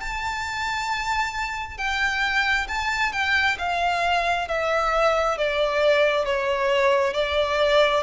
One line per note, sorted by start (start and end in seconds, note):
0.00 1.78 A5
1.78 2.67 G5
2.68 3.13 A5
3.13 3.57 G5
3.58 4.48 F5
4.48 5.38 E5
5.38 6.25 D5
6.25 7.14 C#5
7.14 8.03 D5